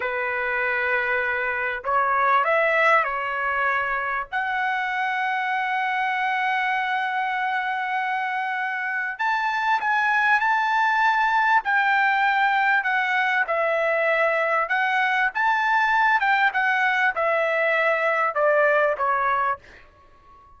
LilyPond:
\new Staff \with { instrumentName = "trumpet" } { \time 4/4 \tempo 4 = 98 b'2. cis''4 | e''4 cis''2 fis''4~ | fis''1~ | fis''2. a''4 |
gis''4 a''2 g''4~ | g''4 fis''4 e''2 | fis''4 a''4. g''8 fis''4 | e''2 d''4 cis''4 | }